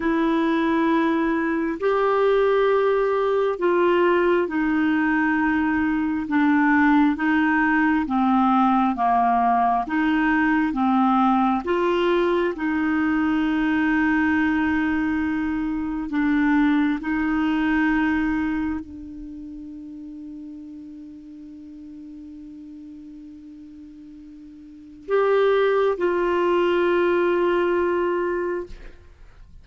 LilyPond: \new Staff \with { instrumentName = "clarinet" } { \time 4/4 \tempo 4 = 67 e'2 g'2 | f'4 dis'2 d'4 | dis'4 c'4 ais4 dis'4 | c'4 f'4 dis'2~ |
dis'2 d'4 dis'4~ | dis'4 d'2.~ | d'1 | g'4 f'2. | }